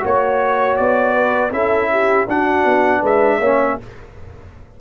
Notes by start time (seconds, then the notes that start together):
0.00 A#3 F#4 C#5
0.76 B3 D5
1.15 B4
1.51 C#4 E4 A4 E5
1.92 G4
2.28 D4 F#4 F#5
2.65 B3
3.01 G#3 B4 E5
3.39 A#3 C#4 C#5